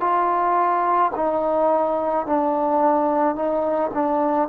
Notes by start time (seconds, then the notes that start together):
0.00 F4
1.15 D#4
2.26 D4
3.35 D#4
3.94 D4